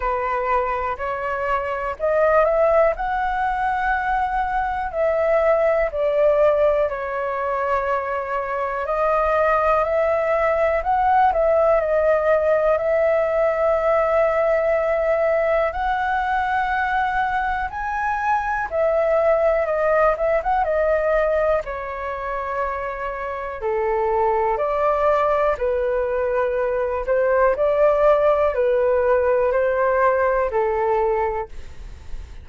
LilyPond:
\new Staff \with { instrumentName = "flute" } { \time 4/4 \tempo 4 = 61 b'4 cis''4 dis''8 e''8 fis''4~ | fis''4 e''4 d''4 cis''4~ | cis''4 dis''4 e''4 fis''8 e''8 | dis''4 e''2. |
fis''2 gis''4 e''4 | dis''8 e''16 fis''16 dis''4 cis''2 | a'4 d''4 b'4. c''8 | d''4 b'4 c''4 a'4 | }